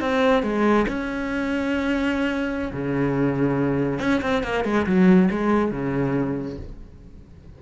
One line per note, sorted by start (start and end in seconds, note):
0.00 0.43 C4
0.43 0.86 G#3
0.88 2.71 C#4
2.72 3.99 C#3
3.99 4.21 C#4
4.21 4.43 C4
4.43 4.64 A#3
4.64 4.86 G#3
4.86 5.29 F#3
5.31 5.71 G#3
5.71 6.57 C#3